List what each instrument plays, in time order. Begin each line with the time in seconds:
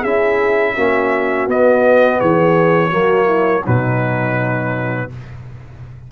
0.00 tuba C#4, trombone E4, horn G#4, trumpet E5
0.74 tuba A#3, trombone C#4, horn F#4
1.47 tuba B3, trombone B3, trumpet D#5
2.19 tuba E3, horn G#4, trumpet C#5
2.89 tuba F#3, trombone A#3, horn F#4
3.25 horn E4
3.64 tuba B2, trombone F#3, horn D#4, trumpet B4